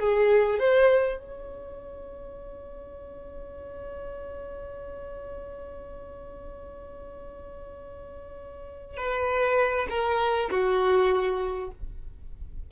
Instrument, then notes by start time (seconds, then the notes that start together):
violin
0.00 G#4
0.59 C5
1.19 C#5
8.97 B4
9.90 A#4
10.50 F#4